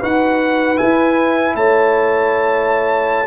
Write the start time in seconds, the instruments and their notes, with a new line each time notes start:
0.00 tuba D#4, trombone F#4, horn B4, trumpet F#5
0.76 trombone E4, tuba E4, trumpet G#5
1.55 tuba A3, horn C#5, trumpet A5